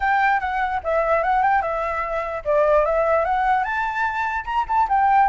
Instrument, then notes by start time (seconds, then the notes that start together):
flute
0.00 G5
0.40 F#5
0.83 E5
1.23 F#5
1.42 G5
1.61 E5
2.45 D5
2.85 E5
3.24 F#5
3.64 A5
4.45 A#5
4.68 A5
4.88 G5